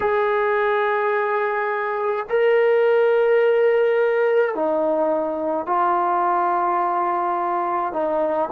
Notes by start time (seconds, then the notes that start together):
0.00 G#4
2.29 A#4
4.54 D#4
5.66 F4
7.92 D#4